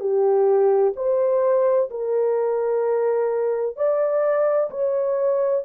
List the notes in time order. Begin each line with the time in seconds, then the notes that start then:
0.00 G4
0.96 C5
1.90 A#4
3.76 D5
4.70 C#5